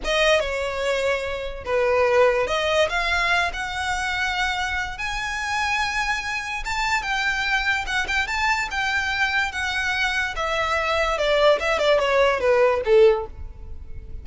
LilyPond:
\new Staff \with { instrumentName = "violin" } { \time 4/4 \tempo 4 = 145 dis''4 cis''2. | b'2 dis''4 f''4~ | f''8 fis''2.~ fis''8 | gis''1 |
a''4 g''2 fis''8 g''8 | a''4 g''2 fis''4~ | fis''4 e''2 d''4 | e''8 d''8 cis''4 b'4 a'4 | }